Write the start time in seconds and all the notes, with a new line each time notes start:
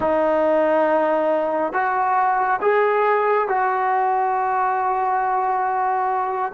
0.00 D#4
1.72 F#4
2.61 G#4
3.48 F#4